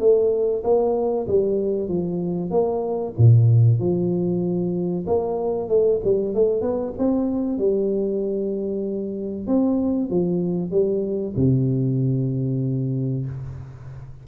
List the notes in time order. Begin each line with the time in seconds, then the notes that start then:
0.00 A3
0.64 A#3
1.28 G3
1.89 F3
2.51 A#3
3.18 A#2
3.79 F3
5.07 A#3
5.69 A3
6.04 G3
6.35 A3
6.62 B3
6.98 C4
7.58 G3
9.47 C4
10.10 F3
10.71 G3
11.37 C3